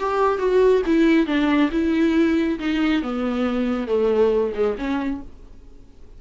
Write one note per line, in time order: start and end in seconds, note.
0.00 0.39 G4
0.39 0.82 F#4
0.87 1.27 E4
1.27 1.70 D4
1.72 2.59 E4
2.60 3.03 D#4
3.03 3.88 B3
3.88 4.53 A3
4.55 4.76 G#3
4.78 5.22 C#4